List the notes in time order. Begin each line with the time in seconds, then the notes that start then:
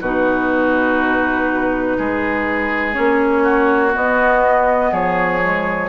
0.00 B2 D#4 F#4 B4
1.98 G#3 G#4
2.93 A#3 C#4 C#5
3.43 F#4
3.93 B3 D#5
4.91 F3 G#4 C#5
5.41 G#3